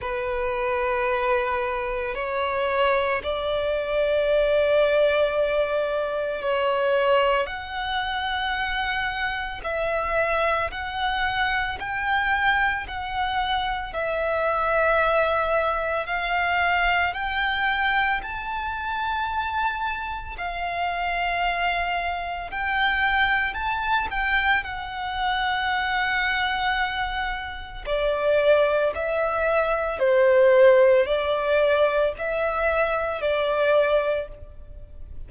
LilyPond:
\new Staff \with { instrumentName = "violin" } { \time 4/4 \tempo 4 = 56 b'2 cis''4 d''4~ | d''2 cis''4 fis''4~ | fis''4 e''4 fis''4 g''4 | fis''4 e''2 f''4 |
g''4 a''2 f''4~ | f''4 g''4 a''8 g''8 fis''4~ | fis''2 d''4 e''4 | c''4 d''4 e''4 d''4 | }